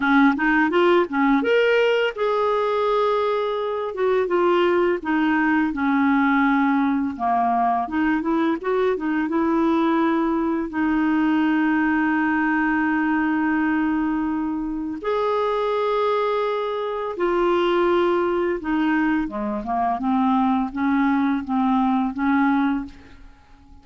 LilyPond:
\new Staff \with { instrumentName = "clarinet" } { \time 4/4 \tempo 4 = 84 cis'8 dis'8 f'8 cis'8 ais'4 gis'4~ | gis'4. fis'8 f'4 dis'4 | cis'2 ais4 dis'8 e'8 | fis'8 dis'8 e'2 dis'4~ |
dis'1~ | dis'4 gis'2. | f'2 dis'4 gis8 ais8 | c'4 cis'4 c'4 cis'4 | }